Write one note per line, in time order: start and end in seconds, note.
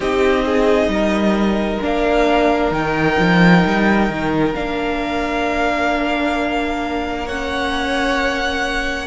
0.00 0.87 C4
0.00 1.81 D#4
0.00 0.44 G4
0.00 1.82 D#5
0.45 0.91 G#4
0.87 1.78 G3
0.87 7.25 A#4
1.81 2.71 A#3
1.81 2.71 D4
1.81 2.73 F5
2.71 3.16 D#3
2.71 4.53 D#4
2.71 4.54 G5
3.18 3.64 F3
3.65 4.09 G3
4.09 4.54 D#3
4.54 9.07 A#3
4.54 7.27 D4
4.54 7.27 F5
7.25 9.07 C#4
7.25 9.07 C#5
7.25 9.07 F#5